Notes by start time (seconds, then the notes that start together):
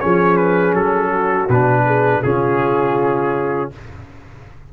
0.00 F3 C#4 G#4 C#5
0.36 B4
0.73 F#3 A4
1.10 F#4
1.49 B2 D4 B4
1.86 G#4
2.22 C#3 C#4 F4 G#4